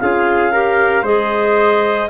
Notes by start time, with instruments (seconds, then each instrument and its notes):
0.00 tuba C#4, clarinet F4 F5, trumpet G#4
0.52 clarinet G4, trumpet A#4
1.03 tuba G#3, clarinet G#4 D#5, trumpet C5